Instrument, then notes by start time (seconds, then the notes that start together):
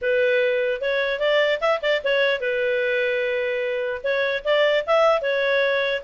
clarinet
0.01 B4
0.81 C#5
1.19 D5
1.60 E5
1.81 D5
2.04 C#5
2.40 B4
4.03 C#5
4.44 D5
4.86 E5
5.21 C#5